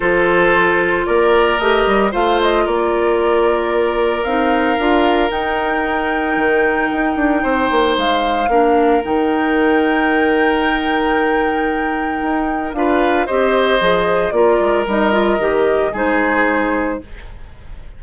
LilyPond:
<<
  \new Staff \with { instrumentName = "flute" } { \time 4/4 \tempo 4 = 113 c''2 d''4 dis''4 | f''8 dis''8 d''2. | f''2 g''2~ | g''2. f''4~ |
f''4 g''2.~ | g''1 | f''4 dis''2 d''4 | dis''2 c''2 | }
  \new Staff \with { instrumentName = "oboe" } { \time 4/4 a'2 ais'2 | c''4 ais'2.~ | ais'1~ | ais'2 c''2 |
ais'1~ | ais'1 | b'4 c''2 ais'4~ | ais'2 gis'2 | }
  \new Staff \with { instrumentName = "clarinet" } { \time 4/4 f'2. g'4 | f'1 | dis'4 f'4 dis'2~ | dis'1 |
d'4 dis'2.~ | dis'1 | f'4 g'4 gis'4 f'4 | dis'8 f'8 g'4 dis'2 | }
  \new Staff \with { instrumentName = "bassoon" } { \time 4/4 f2 ais4 a8 g8 | a4 ais2. | c'4 d'4 dis'2 | dis4 dis'8 d'8 c'8 ais8 gis4 |
ais4 dis2.~ | dis2. dis'4 | d'4 c'4 f4 ais8 gis8 | g4 dis4 gis2 | }
>>